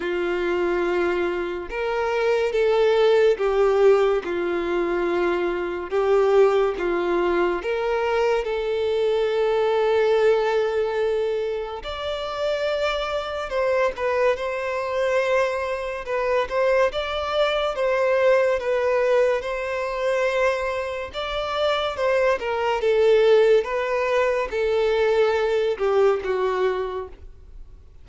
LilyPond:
\new Staff \with { instrumentName = "violin" } { \time 4/4 \tempo 4 = 71 f'2 ais'4 a'4 | g'4 f'2 g'4 | f'4 ais'4 a'2~ | a'2 d''2 |
c''8 b'8 c''2 b'8 c''8 | d''4 c''4 b'4 c''4~ | c''4 d''4 c''8 ais'8 a'4 | b'4 a'4. g'8 fis'4 | }